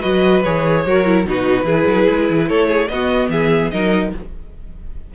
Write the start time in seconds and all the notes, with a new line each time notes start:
0.00 F#3 F#4 B4 D#5
0.44 E3 G#4 C#5
0.86 F#3 F#4 A#4
1.06 E4
1.26 B2 D#4 F#4 B4
1.64 E3 E4 G#4
1.87 F#3
2.10 G#3
2.30 E3
2.49 A3 A4 C#5
2.68 G#4
2.88 B3 F#4 D#5
3.29 E3 G#4 E5
3.71 F#3 D#4 A#4 D#5